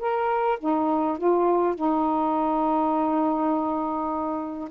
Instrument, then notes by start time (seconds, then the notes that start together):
saxophone
0.00 A#4
0.59 D#4
1.18 F4
1.75 D#4